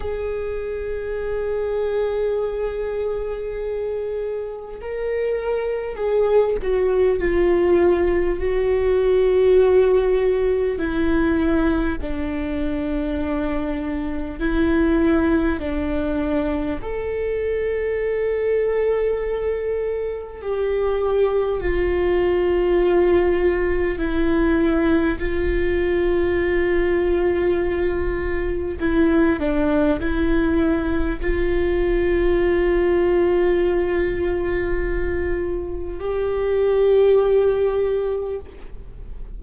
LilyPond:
\new Staff \with { instrumentName = "viola" } { \time 4/4 \tempo 4 = 50 gis'1 | ais'4 gis'8 fis'8 f'4 fis'4~ | fis'4 e'4 d'2 | e'4 d'4 a'2~ |
a'4 g'4 f'2 | e'4 f'2. | e'8 d'8 e'4 f'2~ | f'2 g'2 | }